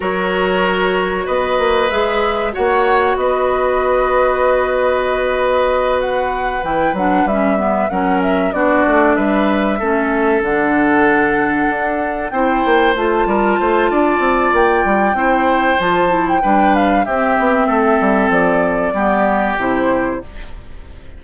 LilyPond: <<
  \new Staff \with { instrumentName = "flute" } { \time 4/4 \tempo 4 = 95 cis''2 dis''4 e''4 | fis''4 dis''2.~ | dis''4. fis''4 g''8 fis''8 e''8~ | e''8 fis''8 e''8 d''4 e''4.~ |
e''8 fis''2. g''8~ | g''8 a''2~ a''8 g''4~ | g''4 a''8. g''8. f''8 e''4~ | e''4 d''2 c''4 | }
  \new Staff \with { instrumentName = "oboe" } { \time 4/4 ais'2 b'2 | cis''4 b'2.~ | b'1~ | b'8 ais'4 fis'4 b'4 a'8~ |
a'2.~ a'8 c''8~ | c''4 ais'8 c''8 d''2 | c''2 b'4 g'4 | a'2 g'2 | }
  \new Staff \with { instrumentName = "clarinet" } { \time 4/4 fis'2. gis'4 | fis'1~ | fis'2~ fis'8 e'8 d'8 cis'8 | b8 cis'4 d'2 cis'8~ |
cis'8 d'2. e'8~ | e'8 f'2.~ f'8 | e'4 f'8 e'8 d'4 c'4~ | c'2 b4 e'4 | }
  \new Staff \with { instrumentName = "bassoon" } { \time 4/4 fis2 b8 ais8 gis4 | ais4 b2.~ | b2~ b8 e8 fis8 g8~ | g8 fis4 b8 a8 g4 a8~ |
a8 d2 d'4 c'8 | ais8 a8 g8 a8 d'8 c'8 ais8 g8 | c'4 f4 g4 c'8 b8 | a8 g8 f4 g4 c4 | }
>>